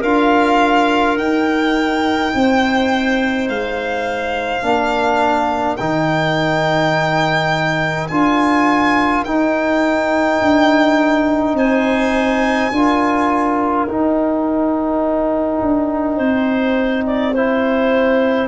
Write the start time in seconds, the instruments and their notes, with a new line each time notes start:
0.00 tuba D4, trombone F4, clarinet A#4, violin F5
1.17 tuba D#4, trombone D#4, violin G5
2.34 tuba C4, clarinet C5
3.49 tuba G#3, violin F5
4.62 tuba A#3, trombone D4, clarinet A#4
5.76 tuba D#3, trombone D#4, violin G5
8.08 tuba D4, trombone F4, violin G#5
9.24 tuba D#4, trombone D#4, violin G5
10.41 tuba D4
11.53 tuba C4, clarinet C5, violin G#5
12.71 tuba D4, trombone F4, clarinet A#4
13.87 tuba D#4, trombone D#4, violin G5
15.61 tuba D4
16.16 tuba C4, clarinet C5
17.06 clarinet D5
17.34 trombone E4, clarinet C5